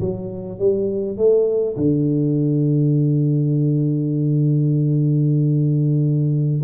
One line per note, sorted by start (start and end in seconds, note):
0.00 0.59 F#3
0.59 1.17 G3
1.17 1.76 A3
1.76 6.62 D3